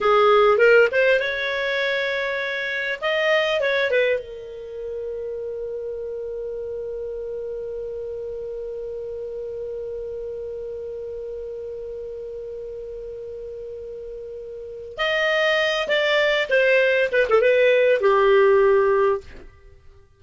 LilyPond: \new Staff \with { instrumentName = "clarinet" } { \time 4/4 \tempo 4 = 100 gis'4 ais'8 c''8 cis''2~ | cis''4 dis''4 cis''8 b'8 ais'4~ | ais'1~ | ais'1~ |
ais'1~ | ais'1~ | ais'4 dis''4. d''4 c''8~ | c''8 b'16 a'16 b'4 g'2 | }